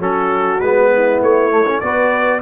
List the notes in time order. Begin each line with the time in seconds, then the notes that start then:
0.00 F#3 C#4 F#4 A4
0.60 G#3 B3 B4
0.93 E4
1.22 A3 C#5
1.51 A3
1.67 C#4
1.80 B3 F#4 B4 D5